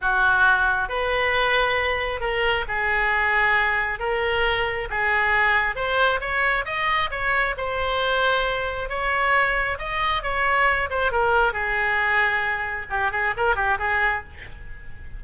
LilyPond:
\new Staff \with { instrumentName = "oboe" } { \time 4/4 \tempo 4 = 135 fis'2 b'2~ | b'4 ais'4 gis'2~ | gis'4 ais'2 gis'4~ | gis'4 c''4 cis''4 dis''4 |
cis''4 c''2. | cis''2 dis''4 cis''4~ | cis''8 c''8 ais'4 gis'2~ | gis'4 g'8 gis'8 ais'8 g'8 gis'4 | }